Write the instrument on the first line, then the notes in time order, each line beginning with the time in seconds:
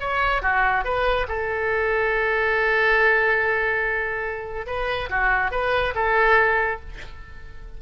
oboe
0.00 C#5
0.42 F#4
0.85 B4
1.28 A4
4.67 B4
5.10 F#4
5.51 B4
5.95 A4